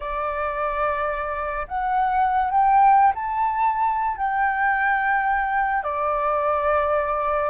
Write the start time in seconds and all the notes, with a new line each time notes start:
0.00 D5
1.67 F#5
2.50 G5
3.14 A5
4.17 G5
5.83 D5